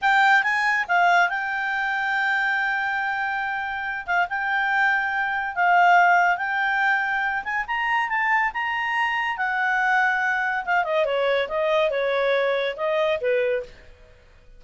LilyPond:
\new Staff \with { instrumentName = "clarinet" } { \time 4/4 \tempo 4 = 141 g''4 gis''4 f''4 g''4~ | g''1~ | g''4. f''8 g''2~ | g''4 f''2 g''4~ |
g''4. gis''8 ais''4 a''4 | ais''2 fis''2~ | fis''4 f''8 dis''8 cis''4 dis''4 | cis''2 dis''4 b'4 | }